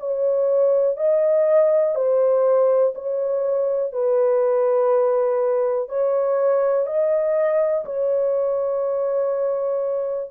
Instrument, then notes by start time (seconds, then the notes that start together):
horn
0.00 C#5
0.97 D#5
1.95 C5
2.95 C#5
3.93 B4
5.89 C#5
6.87 D#5
7.86 C#5